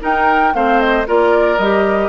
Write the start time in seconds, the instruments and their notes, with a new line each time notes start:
0.00 clarinet D#4, bassoon D#4, oboe A#4, flute G5
0.54 bassoon A3, clarinet C4, oboe C5, flute F5
0.80 flute D#5
1.06 bassoon A#3, clarinet F4, oboe A#4, flute D5
1.58 bassoon G3, clarinet G4, flute D#5